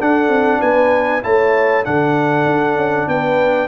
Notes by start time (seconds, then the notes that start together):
0.00 D4 A4 F#5
0.28 C4
0.59 B3 B4 G#5
1.22 A3 E4 C#5 A5
1.84 D3 D4 A4 F#5
2.45 D4
2.75 C#4
3.07 B3 B4 G5